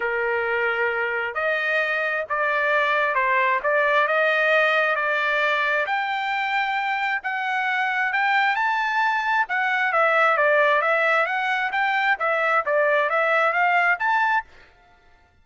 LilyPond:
\new Staff \with { instrumentName = "trumpet" } { \time 4/4 \tempo 4 = 133 ais'2. dis''4~ | dis''4 d''2 c''4 | d''4 dis''2 d''4~ | d''4 g''2. |
fis''2 g''4 a''4~ | a''4 fis''4 e''4 d''4 | e''4 fis''4 g''4 e''4 | d''4 e''4 f''4 a''4 | }